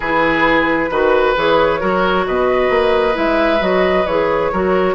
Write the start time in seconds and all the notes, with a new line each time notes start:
0.00 E3 E4 G#4 B4
0.90 D#3 F#4 B4
1.36 E3 G#4 C#5
1.80 F#3 F#4 A#4
2.27 B2 B4 D#5
2.69 A#3
3.13 G#3 E4 E5
3.59 F#3 F#4 D#5
4.05 E3 G#4 C#5
4.52 F#3 F#4 A#4